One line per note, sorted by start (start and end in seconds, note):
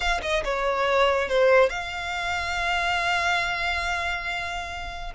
0.00 0.20 F5
0.22 0.43 D#5
0.44 1.28 C#5
1.28 1.69 C5
1.69 5.12 F5